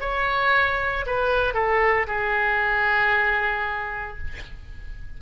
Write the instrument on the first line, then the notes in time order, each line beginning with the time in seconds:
oboe
0.00 C#5
1.06 B4
1.54 A4
2.07 G#4